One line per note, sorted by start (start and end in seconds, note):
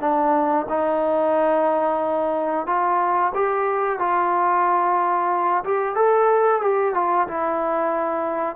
0.00 0.66 D4
0.69 2.66 D#4
2.66 3.32 F4
3.34 3.99 G4
3.99 5.63 F4
5.64 5.95 G4
5.95 6.61 A4
6.61 6.94 G4
6.94 7.27 F4
7.28 8.56 E4